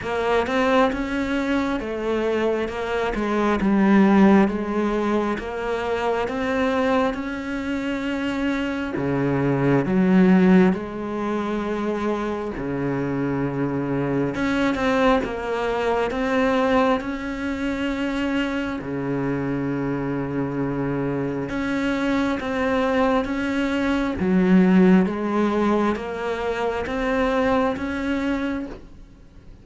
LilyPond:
\new Staff \with { instrumentName = "cello" } { \time 4/4 \tempo 4 = 67 ais8 c'8 cis'4 a4 ais8 gis8 | g4 gis4 ais4 c'4 | cis'2 cis4 fis4 | gis2 cis2 |
cis'8 c'8 ais4 c'4 cis'4~ | cis'4 cis2. | cis'4 c'4 cis'4 fis4 | gis4 ais4 c'4 cis'4 | }